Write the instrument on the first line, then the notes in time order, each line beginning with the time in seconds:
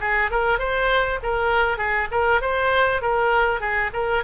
oboe
0.00 G#4
0.30 A#4
0.58 C5
1.22 A#4
1.77 G#4
2.11 A#4
2.41 C5
3.01 A#4
3.60 G#4
3.93 A#4